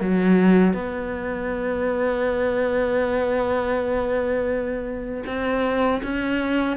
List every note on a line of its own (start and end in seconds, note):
0.00 0.73 F#3
0.73 5.23 B3
5.26 6.01 C4
6.03 6.76 C#4